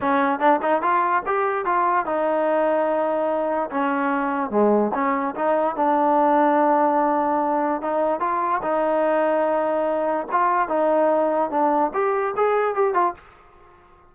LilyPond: \new Staff \with { instrumentName = "trombone" } { \time 4/4 \tempo 4 = 146 cis'4 d'8 dis'8 f'4 g'4 | f'4 dis'2.~ | dis'4 cis'2 gis4 | cis'4 dis'4 d'2~ |
d'2. dis'4 | f'4 dis'2.~ | dis'4 f'4 dis'2 | d'4 g'4 gis'4 g'8 f'8 | }